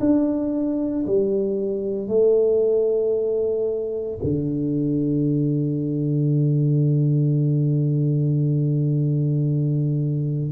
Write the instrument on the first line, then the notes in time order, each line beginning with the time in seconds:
tuba
0.00 D4
1.07 G3
2.08 A3
4.23 D3